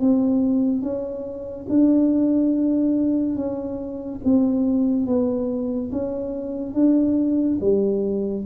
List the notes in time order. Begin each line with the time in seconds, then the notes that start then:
0.00 C4
0.82 C#4
1.69 D4
3.36 C#4
4.24 C4
5.07 B3
5.92 C#4
6.74 D4
7.61 G3